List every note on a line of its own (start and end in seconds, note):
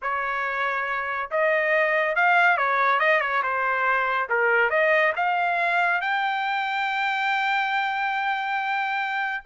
0.01 1.30 C#5
1.31 2.15 D#5
2.15 2.57 F5
2.57 2.99 C#5
2.99 3.20 D#5
3.20 3.42 C#5
3.42 4.28 C5
4.29 4.70 A#4
4.70 5.13 D#5
5.16 6.01 F5
6.01 9.44 G5